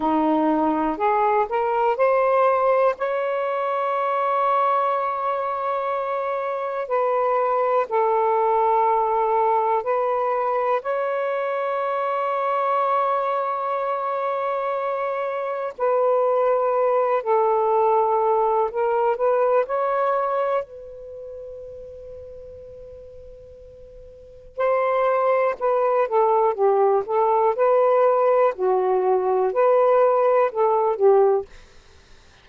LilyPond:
\new Staff \with { instrumentName = "saxophone" } { \time 4/4 \tempo 4 = 61 dis'4 gis'8 ais'8 c''4 cis''4~ | cis''2. b'4 | a'2 b'4 cis''4~ | cis''1 |
b'4. a'4. ais'8 b'8 | cis''4 b'2.~ | b'4 c''4 b'8 a'8 g'8 a'8 | b'4 fis'4 b'4 a'8 g'8 | }